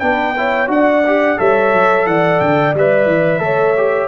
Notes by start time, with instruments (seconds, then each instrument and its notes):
0.00 tuba B3, trombone D4, horn B4, trumpet G5
0.37 trombone E4, horn C#5
0.68 tuba D4, trombone F#4, horn D5, trumpet F#5
1.07 trombone G4
1.38 tuba G3, trombone A4, horn C#5, trumpet E5
1.73 tuba F#3
2.06 tuba E3, horn D5, trumpet F#5
2.40 tuba D3, trumpet G5
2.74 tuba G3, trombone B4, trumpet E5
3.06 tuba E3
3.39 tuba A3, trombone A4, horn C#5
3.77 trombone G4